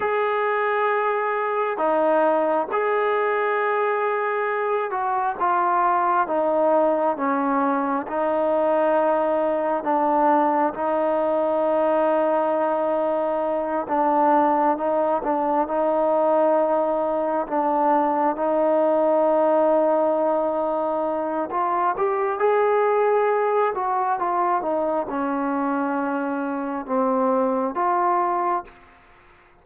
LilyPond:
\new Staff \with { instrumentName = "trombone" } { \time 4/4 \tempo 4 = 67 gis'2 dis'4 gis'4~ | gis'4. fis'8 f'4 dis'4 | cis'4 dis'2 d'4 | dis'2.~ dis'8 d'8~ |
d'8 dis'8 d'8 dis'2 d'8~ | d'8 dis'2.~ dis'8 | f'8 g'8 gis'4. fis'8 f'8 dis'8 | cis'2 c'4 f'4 | }